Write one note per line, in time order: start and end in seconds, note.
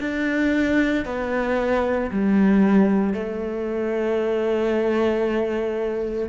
0.00 1.05 D4
1.05 2.11 B3
2.11 3.13 G3
3.13 6.29 A3